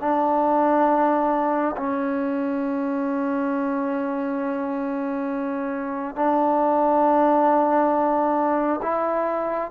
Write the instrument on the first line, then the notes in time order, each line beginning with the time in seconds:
trombone
0.00 D4
1.77 C#4
6.16 D4
8.83 E4